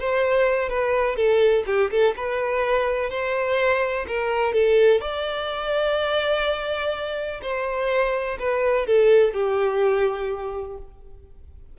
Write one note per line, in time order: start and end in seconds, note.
0.00 0.69 C5
0.69 1.16 B4
1.16 1.64 A4
1.67 1.91 G4
1.91 2.15 A4
2.16 3.10 B4
3.10 4.06 C5
4.08 4.53 A#4
4.53 5.01 A4
5.01 7.41 D5
7.42 8.38 C5
8.39 8.86 B4
8.86 9.33 A4
9.33 10.77 G4